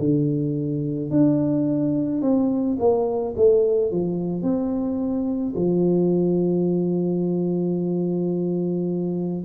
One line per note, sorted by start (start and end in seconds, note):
0.00 1.11 D3
1.11 2.22 D4
2.22 2.78 C4
2.80 3.35 A#3
3.37 3.92 A3
3.92 4.43 F3
4.43 5.54 C4
5.56 9.45 F3